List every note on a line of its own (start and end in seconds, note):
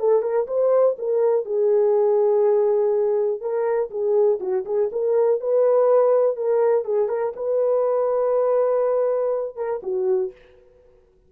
0.00 0.22 A4
0.22 0.47 A#4
0.48 0.97 C5
0.99 1.46 A#4
1.46 3.41 G#4
3.41 3.90 A#4
3.91 4.40 G#4
4.40 4.65 F#4
4.66 4.90 G#4
4.92 5.41 A#4
5.41 6.37 B4
6.37 6.85 A#4
6.85 7.09 G#4
7.09 7.33 A#4
7.36 9.57 B4
9.57 9.81 A#4
9.83 10.32 F#4